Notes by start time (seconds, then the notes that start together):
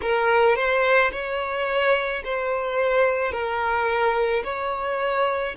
0.02 A#4
0.55 C5
1.11 C#5
2.24 C5
3.32 A#4
4.44 C#5